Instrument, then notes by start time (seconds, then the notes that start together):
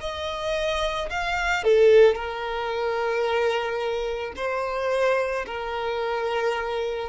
violin
0.00 D#5
1.10 F5
1.64 A4
2.15 A#4
4.36 C5
5.46 A#4